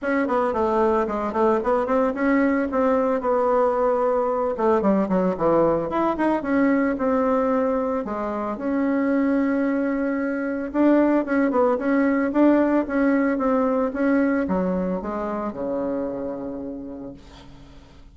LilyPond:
\new Staff \with { instrumentName = "bassoon" } { \time 4/4 \tempo 4 = 112 cis'8 b8 a4 gis8 a8 b8 c'8 | cis'4 c'4 b2~ | b8 a8 g8 fis8 e4 e'8 dis'8 | cis'4 c'2 gis4 |
cis'1 | d'4 cis'8 b8 cis'4 d'4 | cis'4 c'4 cis'4 fis4 | gis4 cis2. | }